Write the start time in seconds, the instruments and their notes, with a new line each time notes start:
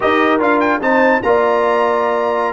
0.00 tuba D#4, trombone G4, horn A#4, trumpet D#5
0.39 tuba D4, trombone F4, trumpet F5
0.60 trumpet G5
0.79 tuba C4, trombone D#4, horn C5, trumpet A5
1.22 tuba A#3, trombone F4, horn D5, trumpet A#5